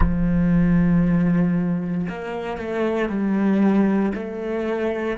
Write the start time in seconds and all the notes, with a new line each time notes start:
0.00 F3
2.08 A#3
2.57 A3
3.09 G3
4.14 A3